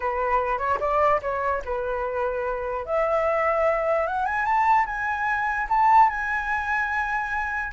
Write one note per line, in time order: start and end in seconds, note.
0.00 0.58 B4
0.58 0.78 C#5
0.80 1.20 D5
1.22 1.62 C#5
1.64 2.85 B4
2.85 4.07 E5
4.07 4.25 F#5
4.25 4.45 G#5
4.45 4.85 A5
4.86 5.67 G#5
5.69 6.09 A5
6.09 7.72 G#5